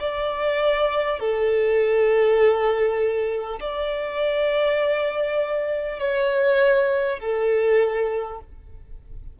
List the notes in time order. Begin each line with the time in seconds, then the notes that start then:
0.00 D5
1.19 A4
3.61 D5
5.99 C#5
7.19 A4